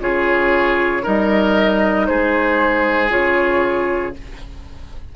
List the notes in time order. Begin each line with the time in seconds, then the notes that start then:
0.00 C#3 F4 G#4 C#5
1.03 G3 D#4 A#4 D#5
2.07 G#3 G#4 C5
3.10 C#3 F4 C#5